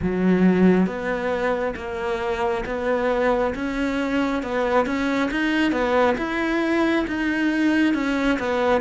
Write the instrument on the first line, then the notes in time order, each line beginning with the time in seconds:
cello
0.02 F#3
0.86 B3
1.76 A#3
2.65 B3
3.55 C#4
4.42 B3
4.86 C#4
5.30 D#4
5.72 B3
6.17 E4
7.07 D#4
7.94 C#4
8.39 B3